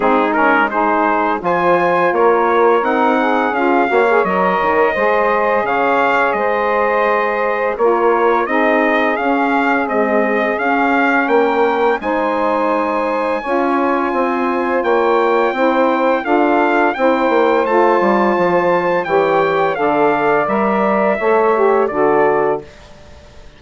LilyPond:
<<
  \new Staff \with { instrumentName = "trumpet" } { \time 4/4 \tempo 4 = 85 gis'8 ais'8 c''4 gis''4 cis''4 | fis''4 f''4 dis''2 | f''4 dis''2 cis''4 | dis''4 f''4 dis''4 f''4 |
g''4 gis''2.~ | gis''4 g''2 f''4 | g''4 a''2 g''4 | f''4 e''2 d''4 | }
  \new Staff \with { instrumentName = "saxophone" } { \time 4/4 dis'4 gis'4 c''4 ais'4~ | ais'8 gis'4 cis''4. c''4 | cis''4 c''2 ais'4 | gis'1 |
ais'4 c''2 cis''4 | c''4 cis''4 c''4 a'4 | c''2. cis''4 | d''2 cis''4 a'4 | }
  \new Staff \with { instrumentName = "saxophone" } { \time 4/4 c'8 cis'8 dis'4 f'2 | dis'4 f'8 fis'16 gis'16 ais'4 gis'4~ | gis'2. f'4 | dis'4 cis'4 gis4 cis'4~ |
cis'4 dis'2 f'4~ | f'2 e'4 f'4 | e'4 f'2 g'4 | a'4 ais'4 a'8 g'8 fis'4 | }
  \new Staff \with { instrumentName = "bassoon" } { \time 4/4 gis2 f4 ais4 | c'4 cis'8 ais8 fis8 dis8 gis4 | cis4 gis2 ais4 | c'4 cis'4 c'4 cis'4 |
ais4 gis2 cis'4 | c'4 ais4 c'4 d'4 | c'8 ais8 a8 g8 f4 e4 | d4 g4 a4 d4 | }
>>